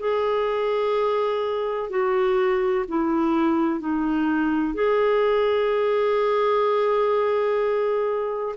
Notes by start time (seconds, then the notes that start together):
0.00 G#4
1.90 F#4
2.89 E4
3.80 D#4
4.74 G#4